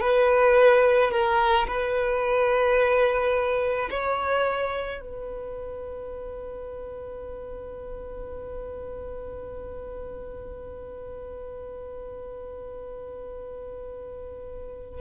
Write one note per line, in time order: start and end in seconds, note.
0.00 1.11 B4
1.11 1.66 A#4
1.67 3.89 B4
3.89 5.01 C#5
5.01 15.01 B4